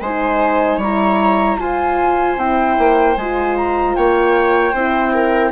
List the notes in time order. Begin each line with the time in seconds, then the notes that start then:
0.00 G#3 D#4 C5 G#5
0.77 G3 E4 C#5 A#5
1.58 F4 C5 G#5
2.37 C4 E4 G5
2.78 A#3
3.16 G#3 F4 G#5
3.56 A#5
3.95 A#3 C#5 G5
4.73 C4 E4 C5
5.13 A#4